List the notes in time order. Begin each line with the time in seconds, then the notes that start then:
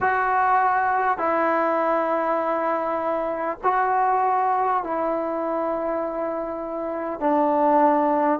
0.01 F#4
1.17 E4
3.63 F#4
4.83 E4
7.19 D4